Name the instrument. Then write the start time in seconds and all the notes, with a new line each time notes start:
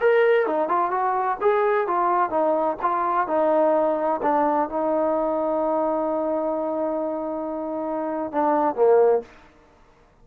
trombone
0.00 A#4
0.46 D#4
0.68 F4
0.90 F#4
1.41 G#4
1.87 F4
2.30 D#4
2.82 F4
3.27 D#4
4.22 D4
4.69 D#4
8.32 D4
8.75 A#3